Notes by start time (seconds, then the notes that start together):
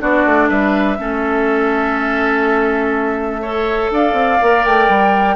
0.00 B3 D4 F#4 D5
0.26 A3
0.49 G3 B4 E5
0.98 A3 C#4 A4
3.42 A4 C#5
3.91 D4 D5 F5
4.13 C4
4.41 A#3 A#4
4.65 A3 G5
4.88 G3